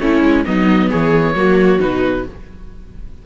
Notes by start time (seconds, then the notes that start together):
0.00 A3 C#4 E4 C#5
0.22 G#3
0.45 F#3 B3 D#4 D#5
0.90 E3 G#4 C#5
1.36 F#3 A#3 F#4
1.80 B2 D#4 B4